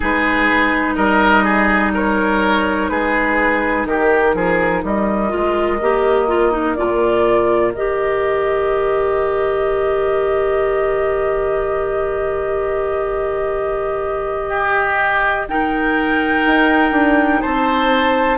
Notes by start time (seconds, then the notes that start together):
0.00 G#3 D#4 G#4 B4
0.95 G3 A#4 D#5
1.44 G#4
1.94 A#4 C#5
2.89 G#3 G#4 B4
3.85 D#3 G4 A#4
4.34 F3 G#4
4.83 G3 A#4 D#5
5.29 G#3 F4
5.81 A#3 G4
6.28 F4
6.51 D#4
6.75 A#2 F4 D5
7.73 D#3 G4 D#5
14.49 G4
15.48 D#4 A#4 G5
16.46 D#4
16.91 D4
17.41 C4 C5 A5